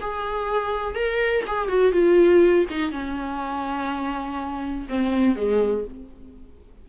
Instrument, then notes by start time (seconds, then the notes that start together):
viola
0.00 G#4
0.94 A#4
1.47 G#4
1.68 F#4
1.92 F4
2.70 D#4
2.91 C#4
4.89 C4
5.36 G#3